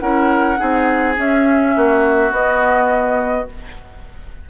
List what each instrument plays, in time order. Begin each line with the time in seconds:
0.00 bassoon C#4, clarinet E4, oboe A#4, flute F#5
0.57 bassoon C4, clarinet D#4, oboe G#4
1.18 clarinet C#4, bassoon C#4, flute E5
1.77 bassoon A#3, oboe F#4
2.31 clarinet B3, bassoon B3, flute D#5